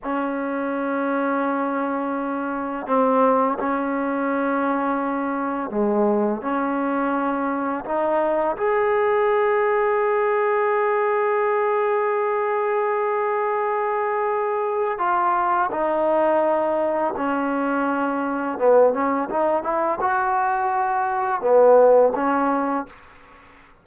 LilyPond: \new Staff \with { instrumentName = "trombone" } { \time 4/4 \tempo 4 = 84 cis'1 | c'4 cis'2. | gis4 cis'2 dis'4 | gis'1~ |
gis'1~ | gis'4 f'4 dis'2 | cis'2 b8 cis'8 dis'8 e'8 | fis'2 b4 cis'4 | }